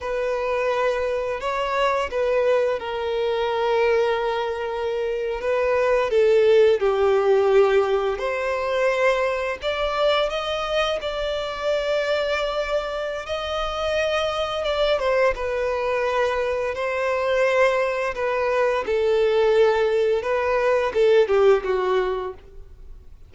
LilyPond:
\new Staff \with { instrumentName = "violin" } { \time 4/4 \tempo 4 = 86 b'2 cis''4 b'4 | ais'2.~ ais'8. b'16~ | b'8. a'4 g'2 c''16~ | c''4.~ c''16 d''4 dis''4 d''16~ |
d''2. dis''4~ | dis''4 d''8 c''8 b'2 | c''2 b'4 a'4~ | a'4 b'4 a'8 g'8 fis'4 | }